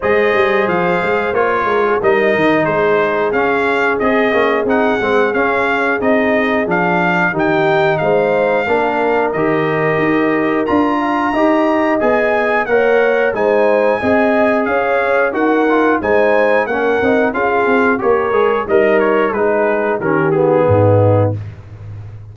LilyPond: <<
  \new Staff \with { instrumentName = "trumpet" } { \time 4/4 \tempo 4 = 90 dis''4 f''4 cis''4 dis''4 | c''4 f''4 dis''4 fis''4 | f''4 dis''4 f''4 g''4 | f''2 dis''2 |
ais''2 gis''4 fis''4 | gis''2 f''4 fis''4 | gis''4 fis''4 f''4 cis''4 | dis''8 cis''8 b'4 ais'8 gis'4. | }
  \new Staff \with { instrumentName = "horn" } { \time 4/4 c''2~ c''8 ais'16 gis'16 ais'4 | gis'1~ | gis'2. g'4 | c''4 ais'2.~ |
ais'8 f''8 dis''2 cis''4 | c''4 dis''4 cis''4 ais'4 | c''4 ais'4 gis'4 ais'4 | dis'4 gis'4 g'4 dis'4 | }
  \new Staff \with { instrumentName = "trombone" } { \time 4/4 gis'2 f'4 dis'4~ | dis'4 cis'4 gis'8 cis'8 dis'8 c'8 | cis'4 dis'4 d'4 dis'4~ | dis'4 d'4 g'2 |
f'4 g'4 gis'4 ais'4 | dis'4 gis'2 fis'8 f'8 | dis'4 cis'8 dis'8 f'4 g'8 gis'8 | ais'4 dis'4 cis'8 b4. | }
  \new Staff \with { instrumentName = "tuba" } { \time 4/4 gis8 g8 f8 gis8 ais8 gis8 g8 dis8 | gis4 cis'4 c'8 ais8 c'8 gis8 | cis'4 c'4 f4 dis4 | gis4 ais4 dis4 dis'4 |
d'4 dis'4 b4 ais4 | gis4 c'4 cis'4 dis'4 | gis4 ais8 c'8 cis'8 c'8 ais8 gis8 | g4 gis4 dis4 gis,4 | }
>>